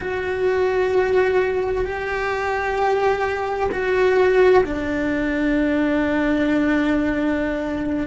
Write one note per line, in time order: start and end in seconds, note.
0.00 1.85 F#4
1.85 3.69 G4
3.71 4.64 F#4
4.64 8.07 D4